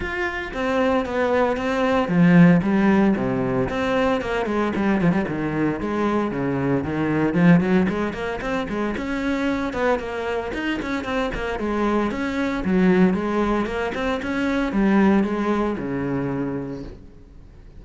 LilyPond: \new Staff \with { instrumentName = "cello" } { \time 4/4 \tempo 4 = 114 f'4 c'4 b4 c'4 | f4 g4 c4 c'4 | ais8 gis8 g8 f16 g16 dis4 gis4 | cis4 dis4 f8 fis8 gis8 ais8 |
c'8 gis8 cis'4. b8 ais4 | dis'8 cis'8 c'8 ais8 gis4 cis'4 | fis4 gis4 ais8 c'8 cis'4 | g4 gis4 cis2 | }